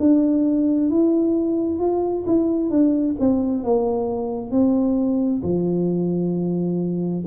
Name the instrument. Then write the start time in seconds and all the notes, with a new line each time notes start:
tuba
0.00 D4
0.90 E4
1.80 F4
2.27 E4
2.71 D4
3.20 C4
3.64 A#3
4.52 C4
5.43 F3